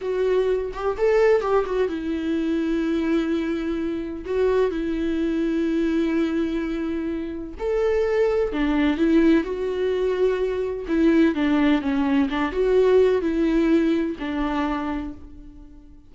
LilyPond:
\new Staff \with { instrumentName = "viola" } { \time 4/4 \tempo 4 = 127 fis'4. g'8 a'4 g'8 fis'8 | e'1~ | e'4 fis'4 e'2~ | e'1 |
a'2 d'4 e'4 | fis'2. e'4 | d'4 cis'4 d'8 fis'4. | e'2 d'2 | }